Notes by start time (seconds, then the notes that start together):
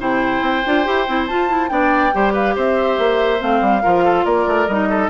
0.00 C3 E4 C5 G5
0.41 C4
0.65 D4 F4
0.85 E4 G4
1.08 C4 E4
1.27 F4 A5
1.49 E4
1.69 B3 D4 D5 G5
2.13 G3 G4 C5
2.33 B4 F5
2.56 C4 C5 E5
2.98 A#3
3.39 A3 C4 F5
3.61 G3
3.82 F3 F4 A#4
4.04 A4
4.25 A#3 A#4 D5
4.48 A3
4.68 G3 D#4 D#5
4.89 A4